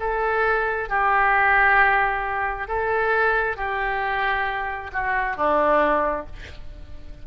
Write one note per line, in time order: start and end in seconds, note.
0.00 0.89 A4
0.89 2.68 G4
2.68 3.57 A4
3.57 4.91 G4
4.93 5.36 F#4
5.36 6.26 D4